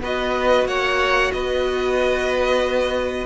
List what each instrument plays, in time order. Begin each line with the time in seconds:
0.00 cello B3, viola F#4, violin B4 D#5
0.65 cello A#3, violin C#5 F#5
1.31 cello B3, violin B4 D#5